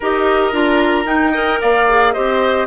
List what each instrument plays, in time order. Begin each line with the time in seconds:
0.00 bassoon D#4, clarinet G4, oboe A#4, flute D#5
0.52 bassoon D4, clarinet F4, flute A#5
1.05 clarinet D#4, bassoon D#4, flute G5
1.32 clarinet A#4, oboe D#5
1.61 bassoon A#3, oboe D5, flute F5
1.88 clarinet G#4
2.12 bassoon C4, clarinet G4, oboe C5, flute D#5